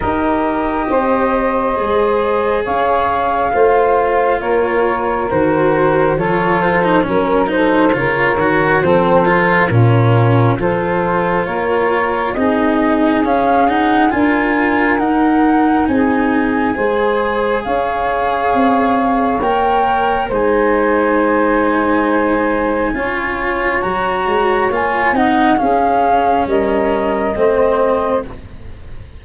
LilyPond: <<
  \new Staff \with { instrumentName = "flute" } { \time 4/4 \tempo 4 = 68 dis''2. f''4~ | f''4 cis''4 c''4 cis''8 c''8 | ais'8 c''8 cis''4 c''4 ais'4 | c''4 cis''4 dis''4 f''8 fis''8 |
gis''4 fis''4 gis''2 | f''2 g''4 gis''4~ | gis''2. ais''4 | gis''8 fis''8 f''4 dis''2 | }
  \new Staff \with { instrumentName = "saxophone" } { \time 4/4 ais'4 c''2 cis''4 | c''4 ais'2 a'4 | ais'8 a'8 ais'4 a'4 f'4 | a'4 ais'4 gis'2 |
ais'2 gis'4 c''4 | cis''2. c''4~ | c''2 cis''2~ | cis''8 dis''8 gis'4 ais'4 c''4 | }
  \new Staff \with { instrumentName = "cello" } { \time 4/4 g'2 gis'2 | f'2 fis'4 f'8. dis'16 | cis'8 dis'8 f'8 fis'8 c'8 f'8 cis'4 | f'2 dis'4 cis'8 dis'8 |
f'4 dis'2 gis'4~ | gis'2 ais'4 dis'4~ | dis'2 f'4 fis'4 | f'8 dis'8 cis'2 c'4 | }
  \new Staff \with { instrumentName = "tuba" } { \time 4/4 dis'4 c'4 gis4 cis'4 | a4 ais4 dis4 f4 | fis4 cis8 dis8 f4 ais,4 | f4 ais4 c'4 cis'4 |
d'4 dis'4 c'4 gis4 | cis'4 c'4 ais4 gis4~ | gis2 cis'4 fis8 gis8 | ais8 c'8 cis'4 g4 a4 | }
>>